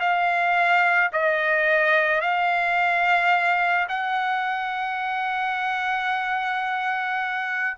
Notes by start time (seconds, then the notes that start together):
0.00 F5
1.13 D#5
2.21 F5
3.88 F#5